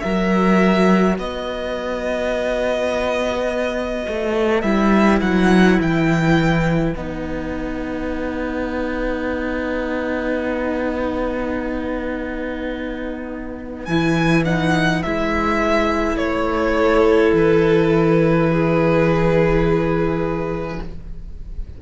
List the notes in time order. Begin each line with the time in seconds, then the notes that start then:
0.00 F#3 F#4 A#4 E5
1.19 B3 B4 D#5
4.08 A3
4.62 G3 E4 E5
5.22 F#3 F#5
5.80 E3 G5
6.96 B3 D#4 F#5
13.86 E3 E4 G#5
14.45 D#4 F#5
15.03 G#3 E4 E5
16.16 A3 C#5
16.78 A4
17.33 E3 B4
18.51 G#4